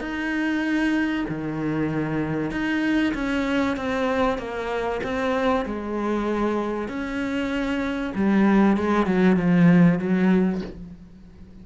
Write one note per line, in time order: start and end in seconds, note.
0.00 1.25 D#4
1.28 2.51 D#3
2.51 3.13 D#4
3.14 3.76 C#4
3.76 4.38 C4
4.38 5.00 A#3
5.03 5.65 C4
5.65 6.88 G#3
6.88 8.13 C#4
8.15 8.77 G3
8.77 9.06 G#3
9.06 9.36 F#3
9.36 9.99 F3
9.99 10.61 F#3